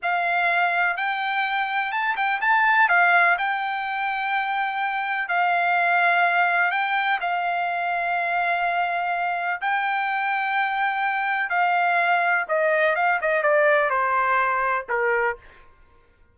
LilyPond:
\new Staff \with { instrumentName = "trumpet" } { \time 4/4 \tempo 4 = 125 f''2 g''2 | a''8 g''8 a''4 f''4 g''4~ | g''2. f''4~ | f''2 g''4 f''4~ |
f''1 | g''1 | f''2 dis''4 f''8 dis''8 | d''4 c''2 ais'4 | }